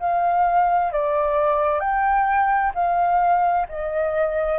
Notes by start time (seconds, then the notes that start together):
0.00 F5
0.92 D5
1.80 G5
2.75 F5
3.69 D#5